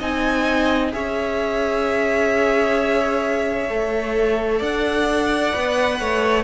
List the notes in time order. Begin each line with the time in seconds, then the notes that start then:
0.00 C4 D#4 D#5 G#5
0.92 C#4 G#4 C#5 E5
3.70 A3 A4
4.58 D4 D5 F#5
5.53 B3 B4
6.01 A3 C#5